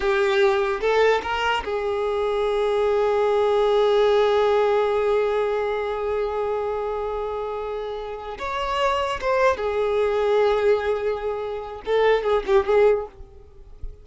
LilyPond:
\new Staff \with { instrumentName = "violin" } { \time 4/4 \tempo 4 = 147 g'2 a'4 ais'4 | gis'1~ | gis'1~ | gis'1~ |
gis'1~ | gis'8 cis''2 c''4 gis'8~ | gis'1~ | gis'4 a'4 gis'8 g'8 gis'4 | }